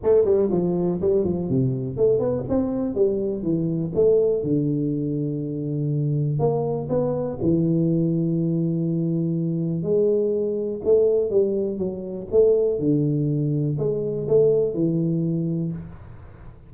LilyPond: \new Staff \with { instrumentName = "tuba" } { \time 4/4 \tempo 4 = 122 a8 g8 f4 g8 f8 c4 | a8 b8 c'4 g4 e4 | a4 d2.~ | d4 ais4 b4 e4~ |
e1 | gis2 a4 g4 | fis4 a4 d2 | gis4 a4 e2 | }